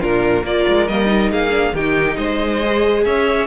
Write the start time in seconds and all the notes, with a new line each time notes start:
0.00 A#2 D4 F4 A#4
0.43 A#3 F4 A#4 D5
0.68 G#3
0.88 G3 A#3 D#5
1.06 D#4
1.32 A#3 G#4 F5
1.51 D4
1.73 D#3 D#4 G4 G5
2.17 G#3 C5 D#5
2.63 G#4
3.05 C#4 C#5 E5